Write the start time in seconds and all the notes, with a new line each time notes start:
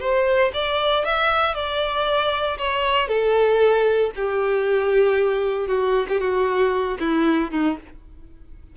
0.00 C5
0.54 D5
1.05 E5
1.54 D5
2.58 C#5
3.08 A4
4.15 G4
5.68 F#4
6.09 G4
6.20 F#4
7.00 E4
7.51 D#4